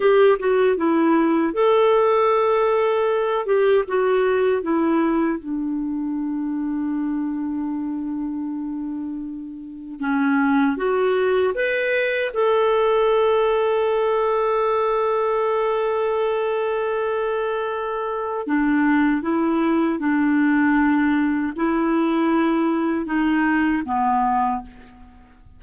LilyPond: \new Staff \with { instrumentName = "clarinet" } { \time 4/4 \tempo 4 = 78 g'8 fis'8 e'4 a'2~ | a'8 g'8 fis'4 e'4 d'4~ | d'1~ | d'4 cis'4 fis'4 b'4 |
a'1~ | a'1 | d'4 e'4 d'2 | e'2 dis'4 b4 | }